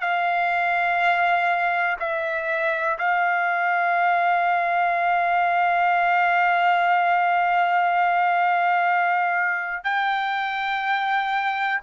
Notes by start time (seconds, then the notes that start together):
0.00 F5
1.99 E5
2.98 F5
9.84 G5